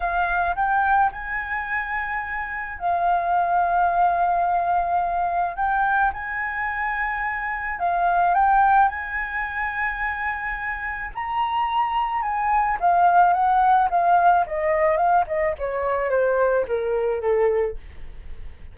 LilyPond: \new Staff \with { instrumentName = "flute" } { \time 4/4 \tempo 4 = 108 f''4 g''4 gis''2~ | gis''4 f''2.~ | f''2 g''4 gis''4~ | gis''2 f''4 g''4 |
gis''1 | ais''2 gis''4 f''4 | fis''4 f''4 dis''4 f''8 dis''8 | cis''4 c''4 ais'4 a'4 | }